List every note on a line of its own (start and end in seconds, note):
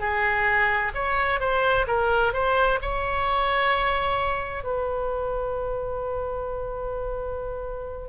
0.00 0.92 G#4
0.95 1.41 C#5
1.41 1.87 C5
1.88 2.34 A#4
2.34 2.80 C5
2.82 4.64 C#5
4.64 8.09 B4